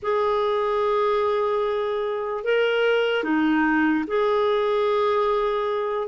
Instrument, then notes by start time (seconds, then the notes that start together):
clarinet
0.02 G#4
2.43 A#4
3.23 D#4
4.07 G#4